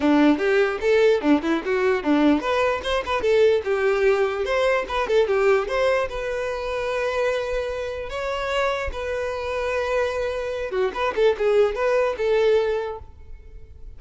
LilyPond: \new Staff \with { instrumentName = "violin" } { \time 4/4 \tempo 4 = 148 d'4 g'4 a'4 d'8 e'8 | fis'4 d'4 b'4 c''8 b'8 | a'4 g'2 c''4 | b'8 a'8 g'4 c''4 b'4~ |
b'1 | cis''2 b'2~ | b'2~ b'8 fis'8 b'8 a'8 | gis'4 b'4 a'2 | }